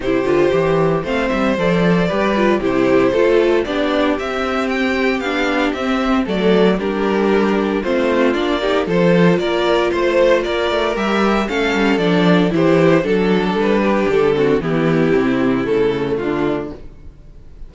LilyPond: <<
  \new Staff \with { instrumentName = "violin" } { \time 4/4 \tempo 4 = 115 c''2 f''8 e''8 d''4~ | d''4 c''2 d''4 | e''4 g''4 f''4 e''4 | d''4 ais'2 c''4 |
d''4 c''4 d''4 c''4 | d''4 e''4 f''4 d''4 | c''4 a'4 b'4 a'4 | g'2 a'4 f'4 | }
  \new Staff \with { instrumentName = "violin" } { \time 4/4 g'2 c''2 | b'4 g'4 a'4 g'4~ | g'1 | a'4 g'2 f'4~ |
f'8 g'8 a'4 ais'4 c''4 | ais'2 a'2 | g'4 a'4. g'4 fis'8 | e'2. d'4 | }
  \new Staff \with { instrumentName = "viola" } { \time 4/4 e'8 f'8 g'4 c'4 a'4 | g'8 f'8 e'4 f'4 d'4 | c'2 d'4 c'4 | a4 d'2 c'4 |
d'8 dis'8 f'2.~ | f'4 g'4 cis'4 d'4 | e'4 d'2~ d'8 c'8 | b4 c'4 a2 | }
  \new Staff \with { instrumentName = "cello" } { \time 4/4 c8 d8 e4 a8 g8 f4 | g4 c4 a4 b4 | c'2 b4 c'4 | fis4 g2 a4 |
ais4 f4 ais4 a4 | ais8 a8 g4 a8 g8 f4 | e4 fis4 g4 d4 | e4 c4 cis4 d4 | }
>>